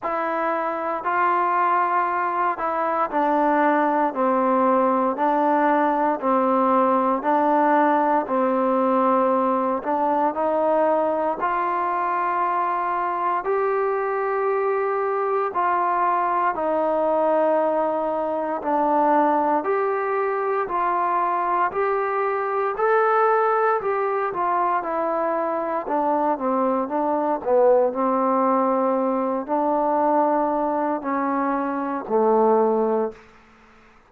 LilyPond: \new Staff \with { instrumentName = "trombone" } { \time 4/4 \tempo 4 = 58 e'4 f'4. e'8 d'4 | c'4 d'4 c'4 d'4 | c'4. d'8 dis'4 f'4~ | f'4 g'2 f'4 |
dis'2 d'4 g'4 | f'4 g'4 a'4 g'8 f'8 | e'4 d'8 c'8 d'8 b8 c'4~ | c'8 d'4. cis'4 a4 | }